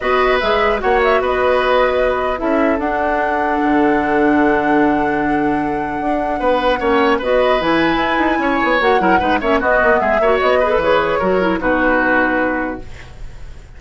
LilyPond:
<<
  \new Staff \with { instrumentName = "flute" } { \time 4/4 \tempo 4 = 150 dis''4 e''4 fis''8 e''8 dis''4~ | dis''2 e''4 fis''4~ | fis''1~ | fis''1~ |
fis''2 dis''4 gis''4~ | gis''2 fis''4. e''8 | dis''4 e''4 dis''4 cis''4~ | cis''4 b'2. | }
  \new Staff \with { instrumentName = "oboe" } { \time 4/4 b'2 cis''4 b'4~ | b'2 a'2~ | a'1~ | a'1 |
b'4 cis''4 b'2~ | b'4 cis''4. ais'8 b'8 cis''8 | fis'4 gis'8 cis''4 b'4. | ais'4 fis'2. | }
  \new Staff \with { instrumentName = "clarinet" } { \time 4/4 fis'4 gis'4 fis'2~ | fis'2 e'4 d'4~ | d'1~ | d'1~ |
d'4 cis'4 fis'4 e'4~ | e'2 fis'8 e'8 dis'8 cis'8 | b4. fis'4 gis'16 a'16 gis'4 | fis'8 e'8 dis'2. | }
  \new Staff \with { instrumentName = "bassoon" } { \time 4/4 b4 gis4 ais4 b4~ | b2 cis'4 d'4~ | d'4 d2.~ | d2. d'4 |
b4 ais4 b4 e4 | e'8 dis'8 cis'8 b8 ais8 fis8 gis8 ais8 | b8 ais8 gis8 ais8 b4 e4 | fis4 b,2. | }
>>